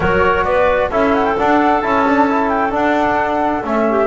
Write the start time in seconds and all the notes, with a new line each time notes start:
0.00 F#3 F#4 A#4 C#5
0.44 B3 B4 D5
0.90 C#4 E4 A4 E5
1.13 F#5
1.25 G5
1.38 D4 F#5
1.81 C#4 E4 A5
2.06 D4
2.29 E4
2.49 G5
2.70 D4 F#5
3.63 A3 C#4 E5
3.89 G4